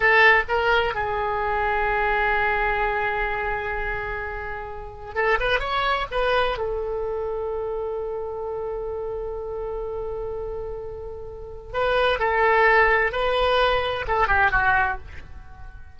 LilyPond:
\new Staff \with { instrumentName = "oboe" } { \time 4/4 \tempo 4 = 128 a'4 ais'4 gis'2~ | gis'1~ | gis'2. a'8 b'8 | cis''4 b'4 a'2~ |
a'1~ | a'1~ | a'4 b'4 a'2 | b'2 a'8 g'8 fis'4 | }